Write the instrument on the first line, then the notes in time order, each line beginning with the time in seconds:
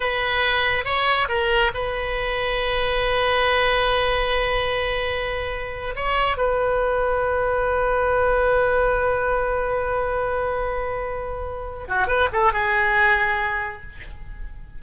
oboe
0.00 B4
0.85 C#5
1.28 A#4
1.74 B4
5.95 C#5
6.37 B4
11.87 F#4
12.07 B4
12.32 A4
12.52 G#4